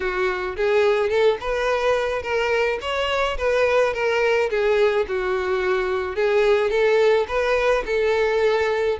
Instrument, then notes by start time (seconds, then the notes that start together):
violin
0.00 F#4
0.56 G#4
1.09 A4
1.40 B4
2.22 A#4
2.81 C#5
3.37 B4
3.93 A#4
4.49 G#4
5.07 F#4
6.15 G#4
6.70 A4
7.28 B4
7.86 A4